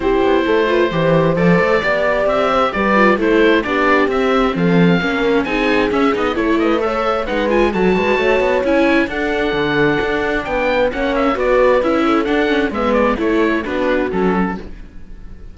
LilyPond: <<
  \new Staff \with { instrumentName = "oboe" } { \time 4/4 \tempo 4 = 132 c''2. d''4~ | d''4 e''4 d''4 c''4 | d''4 e''4 f''2 | gis''4 e''8 dis''8 cis''8 dis''8 e''4 |
fis''8 gis''8 a''2 gis''4 | fis''2. g''4 | fis''8 e''8 d''4 e''4 fis''4 | e''8 d''8 cis''4 b'4 a'4 | }
  \new Staff \with { instrumentName = "horn" } { \time 4/4 g'4 a'8 b'8 c''2 | d''4. c''8 b'4 a'4 | g'2 a'4 ais'4 | gis'2 a'8 b'8 cis''4 |
b'4 a'8 b'8 cis''2 | a'2. b'4 | cis''4 b'4. a'4. | b'4 a'4 fis'2 | }
  \new Staff \with { instrumentName = "viola" } { \time 4/4 e'4. f'8 g'4 a'4 | g'2~ g'8 f'8 e'4 | d'4 c'2 cis'4 | dis'4 cis'8 dis'8 e'4 a'4 |
dis'8 f'8 fis'2 e'4 | d'1 | cis'4 fis'4 e'4 d'8 cis'8 | b4 e'4 d'4 cis'4 | }
  \new Staff \with { instrumentName = "cello" } { \time 4/4 c'8 b8 a4 e4 f8 a8 | b4 c'4 g4 a4 | b4 c'4 f4 ais4 | c'4 cis'8 b8 a2 |
gis4 fis8 gis8 a8 b8 cis'4 | d'4 d4 d'4 b4 | ais4 b4 cis'4 d'4 | gis4 a4 b4 fis4 | }
>>